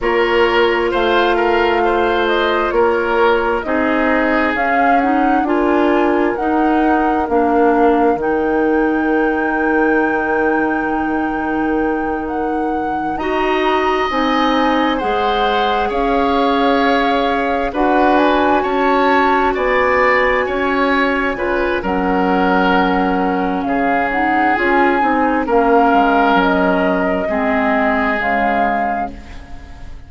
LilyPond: <<
  \new Staff \with { instrumentName = "flute" } { \time 4/4 \tempo 4 = 66 cis''4 f''4. dis''8 cis''4 | dis''4 f''8 fis''8 gis''4 fis''4 | f''4 g''2.~ | g''4. fis''4 ais''4 gis''8~ |
gis''8 fis''4 f''2 fis''8 | gis''8 a''4 gis''2~ gis''8 | fis''2 f''8 fis''8 gis''4 | f''4 dis''2 f''4 | }
  \new Staff \with { instrumentName = "oboe" } { \time 4/4 ais'4 c''8 ais'8 c''4 ais'4 | gis'2 ais'2~ | ais'1~ | ais'2~ ais'8 dis''4.~ |
dis''8 c''4 cis''2 b'8~ | b'8 cis''4 d''4 cis''4 b'8 | ais'2 gis'2 | ais'2 gis'2 | }
  \new Staff \with { instrumentName = "clarinet" } { \time 4/4 f'1 | dis'4 cis'8 dis'8 f'4 dis'4 | d'4 dis'2.~ | dis'2~ dis'8 fis'4 dis'8~ |
dis'8 gis'2. fis'8~ | fis'2.~ fis'8 f'8 | cis'2~ cis'8 dis'8 f'8 dis'8 | cis'2 c'4 gis4 | }
  \new Staff \with { instrumentName = "bassoon" } { \time 4/4 ais4 a2 ais4 | c'4 cis'4 d'4 dis'4 | ais4 dis2.~ | dis2~ dis8 dis'4 c'8~ |
c'8 gis4 cis'2 d'8~ | d'8 cis'4 b4 cis'4 cis8 | fis2 cis4 cis'8 c'8 | ais8 gis8 fis4 gis4 cis4 | }
>>